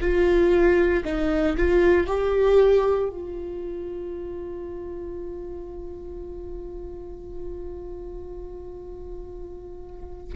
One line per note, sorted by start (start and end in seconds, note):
0.00 1.03 F4
1.04 1.56 D#4
1.57 2.07 F4
2.07 3.09 G4
3.09 10.34 F4